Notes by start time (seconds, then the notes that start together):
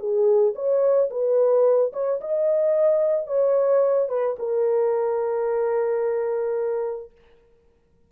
0.00 G#4
0.56 C#5
1.11 B4
1.93 C#5
2.21 D#5
3.27 C#5
4.09 B4
4.39 A#4